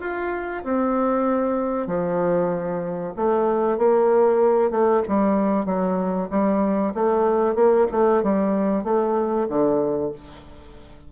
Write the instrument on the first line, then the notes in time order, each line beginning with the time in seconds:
bassoon
0.00 F4
0.63 C4
1.87 F3
3.16 A3
3.78 A#3
4.71 A3
5.08 G3
5.65 F#3
6.30 G3
6.94 A3
7.55 A#3
7.91 A3
8.23 G3
8.84 A3
9.49 D3